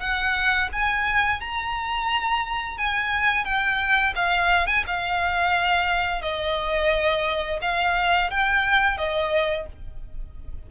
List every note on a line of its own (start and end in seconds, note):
0.00 0.69 F#5
0.72 1.40 G#5
1.40 2.78 A#5
2.78 3.45 G#5
3.45 4.14 G5
4.16 4.67 F5
4.67 4.84 G#5
4.87 6.22 F5
6.22 7.60 D#5
7.62 8.31 F5
8.31 8.97 G5
8.97 9.66 D#5